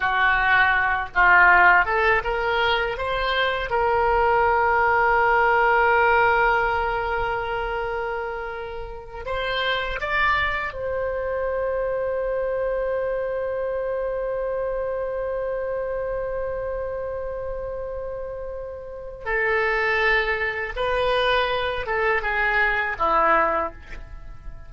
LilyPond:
\new Staff \with { instrumentName = "oboe" } { \time 4/4 \tempo 4 = 81 fis'4. f'4 a'8 ais'4 | c''4 ais'2.~ | ais'1~ | ais'8 c''4 d''4 c''4.~ |
c''1~ | c''1~ | c''2 a'2 | b'4. a'8 gis'4 e'4 | }